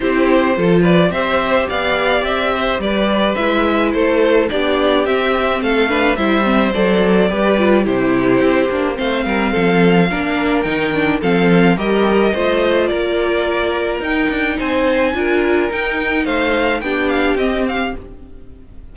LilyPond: <<
  \new Staff \with { instrumentName = "violin" } { \time 4/4 \tempo 4 = 107 c''4. d''8 e''4 f''4 | e''4 d''4 e''4 c''4 | d''4 e''4 f''4 e''4 | d''2 c''2 |
f''2. g''4 | f''4 dis''2 d''4~ | d''4 g''4 gis''2 | g''4 f''4 g''8 f''8 dis''8 f''8 | }
  \new Staff \with { instrumentName = "violin" } { \time 4/4 g'4 a'8 b'8 c''4 d''4~ | d''8 c''8 b'2 a'4 | g'2 a'8 b'8 c''4~ | c''4 b'4 g'2 |
c''8 ais'8 a'4 ais'2 | a'4 ais'4 c''4 ais'4~ | ais'2 c''4 ais'4~ | ais'4 c''4 g'2 | }
  \new Staff \with { instrumentName = "viola" } { \time 4/4 e'4 f'4 g'2~ | g'2 e'2 | d'4 c'4. d'8 e'8 c'8 | a'4 g'8 f'8 e'4. d'8 |
c'2 d'4 dis'8 d'8 | c'4 g'4 f'2~ | f'4 dis'2 f'4 | dis'2 d'4 c'4 | }
  \new Staff \with { instrumentName = "cello" } { \time 4/4 c'4 f4 c'4 b4 | c'4 g4 gis4 a4 | b4 c'4 a4 g4 | fis4 g4 c4 c'8 ais8 |
a8 g8 f4 ais4 dis4 | f4 g4 a4 ais4~ | ais4 dis'8 d'8 c'4 d'4 | dis'4 a4 b4 c'4 | }
>>